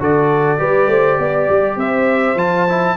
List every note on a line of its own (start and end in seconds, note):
0.00 0.59 D3
0.00 0.58 F#4
0.00 0.60 A4
0.00 1.79 D5
0.58 0.87 G3
0.58 2.37 G4
0.58 0.90 B4
0.87 1.17 A3
0.87 1.19 C5
1.19 1.49 B3
1.19 1.78 D5
1.49 1.77 G3
1.77 2.35 C4
1.77 2.97 C5
1.77 2.39 E5
2.35 2.95 F3
2.35 2.68 F4
2.35 2.97 A5
2.69 2.97 E4